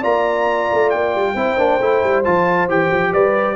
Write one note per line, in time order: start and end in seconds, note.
0.00 0.71 A#3
0.00 1.36 F4
0.00 1.33 D5
0.00 0.90 A#5
0.72 0.94 A3
0.90 1.15 A#3
0.90 2.23 G5
1.15 1.35 G3
1.35 1.57 C4
1.35 1.58 E4
1.35 3.12 C5
1.57 1.80 A#3
1.57 1.80 D4
1.81 2.03 A3
1.81 2.24 E4
2.03 2.26 G3
2.24 2.68 F3
2.24 2.69 F4
2.24 2.68 A5
2.68 2.90 E3
2.68 3.56 G4
2.68 3.13 G5
2.91 3.13 F3
3.12 3.56 G3
3.12 3.56 B4
3.12 3.56 D5